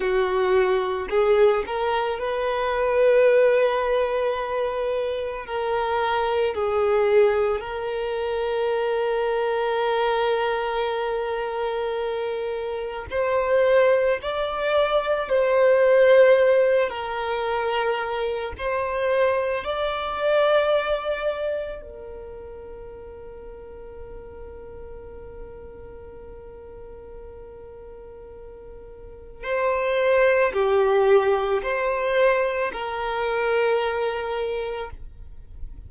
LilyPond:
\new Staff \with { instrumentName = "violin" } { \time 4/4 \tempo 4 = 55 fis'4 gis'8 ais'8 b'2~ | b'4 ais'4 gis'4 ais'4~ | ais'1 | c''4 d''4 c''4. ais'8~ |
ais'4 c''4 d''2 | ais'1~ | ais'2. c''4 | g'4 c''4 ais'2 | }